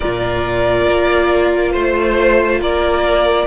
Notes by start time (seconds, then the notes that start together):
0.00 A#2 F4 A#4 D5
0.87 A#3
1.71 A3 C5
2.60 A#3 A#4 D5